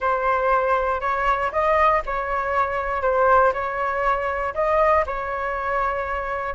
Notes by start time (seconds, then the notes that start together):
0.00 C5
1.00 C#5
1.51 D#5
2.05 C#5
3.02 C5
3.53 C#5
4.54 D#5
5.06 C#5